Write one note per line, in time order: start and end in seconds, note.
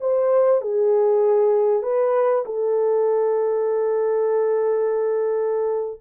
0.00 0.61 C5
0.61 1.82 G#4
1.82 2.44 B4
2.45 6.01 A4